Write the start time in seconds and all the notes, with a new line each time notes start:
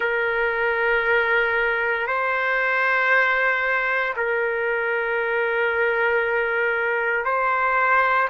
0.00 A#4
2.07 C5
4.16 A#4
7.25 C5